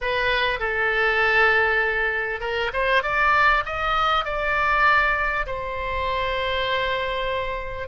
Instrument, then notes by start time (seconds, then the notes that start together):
oboe
0.01 B4
0.59 A4
2.40 A#4
2.73 C5
3.02 D5
3.65 D#5
4.25 D5
5.46 C5